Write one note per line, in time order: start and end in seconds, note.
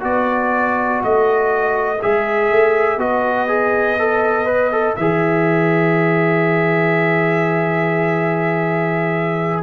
0.00 1.02 B3
0.00 1.97 F#4
0.00 9.61 B4
0.00 1.02 D5
1.03 2.01 A3
1.03 2.01 D#5
2.01 2.51 G#3
2.01 2.99 G#4
2.01 2.99 E5
2.51 2.97 A3
2.97 4.94 B3
2.97 3.48 F#4
2.97 4.96 D#5
3.48 3.97 G#4
3.98 4.45 A4
4.45 4.70 B4
4.72 4.96 A4
4.96 9.62 E3
4.96 9.62 G#4
4.96 9.62 E5